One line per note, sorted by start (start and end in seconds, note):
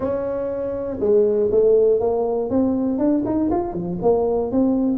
0.00 0.98 C#4
1.00 1.50 G#3
1.51 2.00 A3
2.00 2.50 A#3
2.50 2.98 C4
2.98 3.23 D4
3.25 3.50 D#4
3.50 3.72 F4
3.72 3.97 F3
4.02 4.51 A#3
4.51 4.97 C4